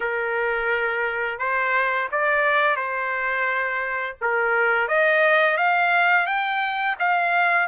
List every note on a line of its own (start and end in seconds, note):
0.00 1.39 A#4
1.39 2.08 C5
2.11 2.76 D5
2.76 4.15 C5
4.21 4.87 A#4
4.87 5.57 D#5
5.57 6.26 F5
6.26 6.96 G5
6.99 7.67 F5